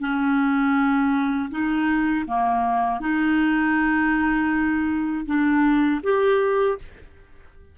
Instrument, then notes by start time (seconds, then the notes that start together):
clarinet
0.00 C#4
1.51 D#4
2.27 A#3
3.01 D#4
5.26 D4
6.03 G4